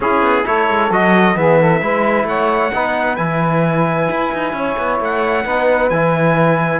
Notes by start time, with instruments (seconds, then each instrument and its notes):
0.00 trombone C#4, cello C#4, saxophone E4, trumpet G#4
0.21 cello B3
0.43 cello A3, trombone E4, saxophone A4, trumpet C#5
0.69 cello G#3
0.90 cello F#3, trombone F#4, trumpet D#5
1.35 cello E3, trombone B3, saxophone G#4, trumpet E5
1.59 saxophone A4
1.80 cello G#3, trombone E4, saxophone B4
2.24 cello A3, saxophone C#5, trumpet F#5
2.73 cello B3, trombone D#4, saxophone B4
3.16 cello E3, trombone E4, trumpet G#5
4.10 cello E4
4.33 cello D#4
4.53 cello C#4, saxophone C#5
4.78 cello B3
5.00 cello A3, trumpet F#5
5.44 cello B3, trombone D#4, saxophone B4
5.89 cello E3, trombone E4, trumpet G#5